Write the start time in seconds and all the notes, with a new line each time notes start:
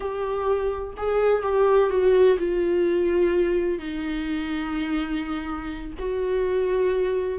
0.00 G4
0.97 G#4
1.42 G4
1.90 F#4
2.38 F4
3.78 D#4
5.98 F#4